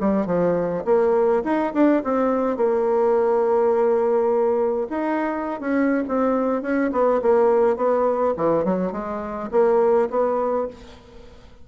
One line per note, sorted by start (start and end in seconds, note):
0.00 0.26 G3
0.26 0.83 F3
0.85 1.42 A#3
1.44 1.73 D#4
1.73 2.02 D4
2.04 2.56 C4
2.56 4.87 A#3
4.89 5.60 D#4
5.60 6.03 C#4
6.08 6.62 C4
6.62 6.90 C#4
6.92 7.20 B3
7.22 7.76 A#3
7.76 8.34 B3
8.37 8.64 E3
8.64 8.92 F#3
8.92 9.50 G#3
9.51 10.09 A#3
10.10 10.67 B3